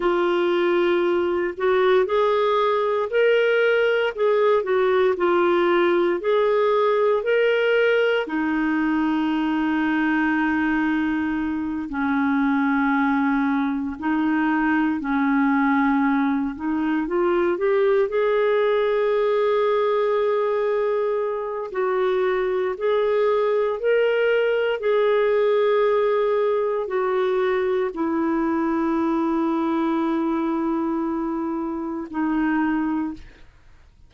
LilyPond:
\new Staff \with { instrumentName = "clarinet" } { \time 4/4 \tempo 4 = 58 f'4. fis'8 gis'4 ais'4 | gis'8 fis'8 f'4 gis'4 ais'4 | dis'2.~ dis'8 cis'8~ | cis'4. dis'4 cis'4. |
dis'8 f'8 g'8 gis'2~ gis'8~ | gis'4 fis'4 gis'4 ais'4 | gis'2 fis'4 e'4~ | e'2. dis'4 | }